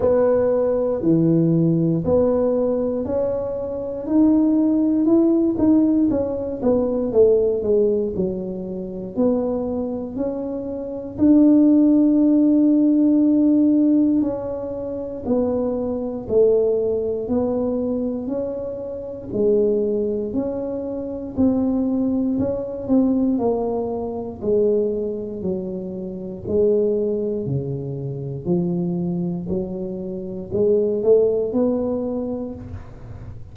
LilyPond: \new Staff \with { instrumentName = "tuba" } { \time 4/4 \tempo 4 = 59 b4 e4 b4 cis'4 | dis'4 e'8 dis'8 cis'8 b8 a8 gis8 | fis4 b4 cis'4 d'4~ | d'2 cis'4 b4 |
a4 b4 cis'4 gis4 | cis'4 c'4 cis'8 c'8 ais4 | gis4 fis4 gis4 cis4 | f4 fis4 gis8 a8 b4 | }